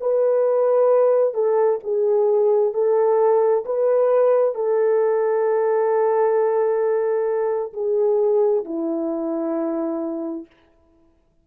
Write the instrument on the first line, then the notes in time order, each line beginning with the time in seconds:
horn
0.00 B4
1.34 A4
1.84 G#4
2.74 A4
3.65 B4
4.55 A4
7.73 G#4
8.64 E4